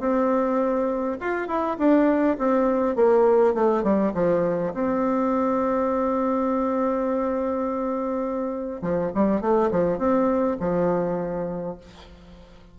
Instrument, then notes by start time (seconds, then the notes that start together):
bassoon
0.00 C4
1.21 F4
1.48 E4
1.79 D4
2.38 C4
2.96 A#3
3.55 A3
3.84 G3
4.14 F3
4.74 C4
8.82 F3
9.15 G3
9.41 A3
9.71 F3
9.99 C4
10.60 F3